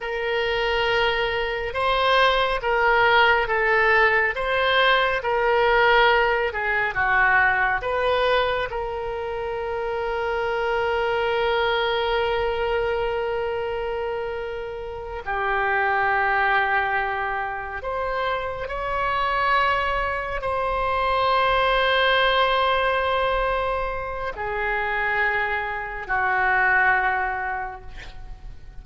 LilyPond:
\new Staff \with { instrumentName = "oboe" } { \time 4/4 \tempo 4 = 69 ais'2 c''4 ais'4 | a'4 c''4 ais'4. gis'8 | fis'4 b'4 ais'2~ | ais'1~ |
ais'4. g'2~ g'8~ | g'8 c''4 cis''2 c''8~ | c''1 | gis'2 fis'2 | }